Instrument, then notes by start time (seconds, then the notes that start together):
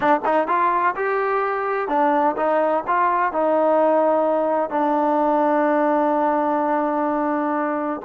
trombone
0.00 D4
0.25 D#4
0.47 F4
0.96 G4
1.88 D4
2.36 D#4
2.87 F4
3.32 D#4
4.70 D4